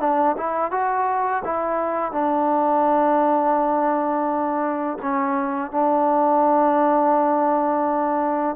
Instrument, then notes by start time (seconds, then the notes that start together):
trombone
0.00 D4
0.37 E4
0.71 F#4
1.44 E4
2.12 D4
5.02 C#4
5.71 D4